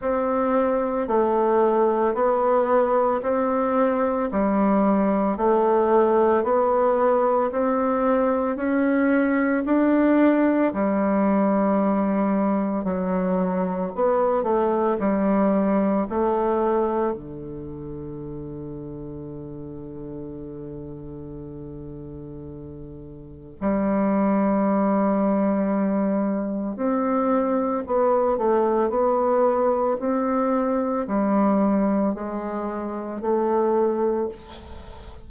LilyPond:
\new Staff \with { instrumentName = "bassoon" } { \time 4/4 \tempo 4 = 56 c'4 a4 b4 c'4 | g4 a4 b4 c'4 | cis'4 d'4 g2 | fis4 b8 a8 g4 a4 |
d1~ | d2 g2~ | g4 c'4 b8 a8 b4 | c'4 g4 gis4 a4 | }